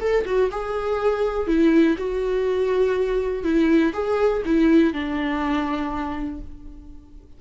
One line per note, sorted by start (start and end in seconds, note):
0.00 0.25 A4
0.25 0.50 F#4
0.51 1.47 G#4
1.47 1.96 E4
1.97 3.43 F#4
3.43 3.93 E4
3.93 4.42 G#4
4.45 4.93 E4
4.93 6.40 D4